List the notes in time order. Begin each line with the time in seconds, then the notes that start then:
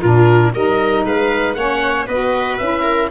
0.00 A#2 D4 F4 A#4
0.54 G3 D#4 A#4 D#5
1.04 G#3 B4 F5
1.54 A#3 C#4 C#5 F#5
2.06 B3 F#4 B4 D#5
2.57 C#4 E4 E5
2.82 A#4